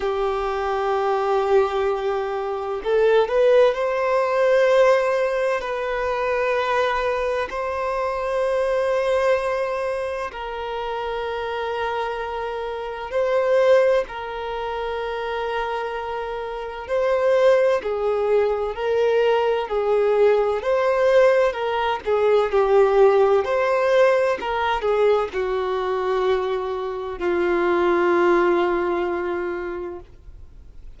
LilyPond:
\new Staff \with { instrumentName = "violin" } { \time 4/4 \tempo 4 = 64 g'2. a'8 b'8 | c''2 b'2 | c''2. ais'4~ | ais'2 c''4 ais'4~ |
ais'2 c''4 gis'4 | ais'4 gis'4 c''4 ais'8 gis'8 | g'4 c''4 ais'8 gis'8 fis'4~ | fis'4 f'2. | }